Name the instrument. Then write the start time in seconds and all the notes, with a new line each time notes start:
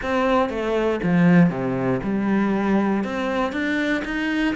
cello
0.02 C4
0.49 A3
1.03 F3
1.49 C3
2.03 G3
3.03 C4
3.52 D4
4.04 D#4